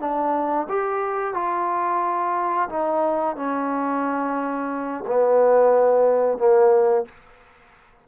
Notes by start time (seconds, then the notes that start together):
0.00 D4
0.69 G4
1.34 F4
2.69 D#4
3.36 C#4
5.07 B3
6.38 A#3